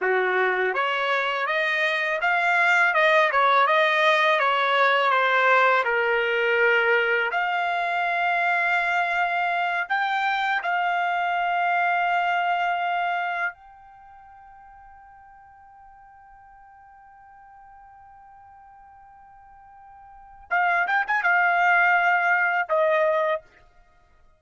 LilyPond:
\new Staff \with { instrumentName = "trumpet" } { \time 4/4 \tempo 4 = 82 fis'4 cis''4 dis''4 f''4 | dis''8 cis''8 dis''4 cis''4 c''4 | ais'2 f''2~ | f''4. g''4 f''4.~ |
f''2~ f''8 g''4.~ | g''1~ | g''1 | f''8 g''16 gis''16 f''2 dis''4 | }